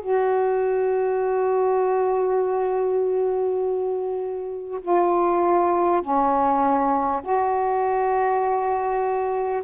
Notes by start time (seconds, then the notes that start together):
0.00 F#4
4.82 F4
6.01 C#4
7.22 F#4